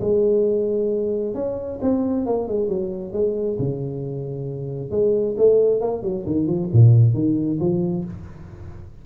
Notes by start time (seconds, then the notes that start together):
0.00 G#3
1.34 C#4
1.81 C4
2.26 A#3
2.48 G#3
2.68 F#3
3.12 G#3
3.58 C#3
4.91 G#3
5.37 A3
5.80 A#3
6.02 F#3
6.26 D#3
6.47 F3
6.73 A#2
7.14 D#3
7.60 F3